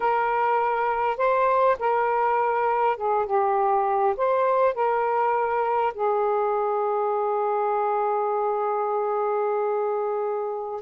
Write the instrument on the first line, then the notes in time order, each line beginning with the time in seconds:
saxophone
0.00 A#4
1.17 C5
1.79 A#4
2.96 G#4
3.26 G4
4.17 C5
4.74 A#4
5.94 G#4